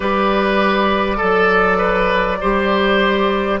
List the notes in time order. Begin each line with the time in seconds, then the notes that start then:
0.00 G3 G4 B4 D5
1.17 F#3 A4
1.77 B4
2.41 G3 G4 C5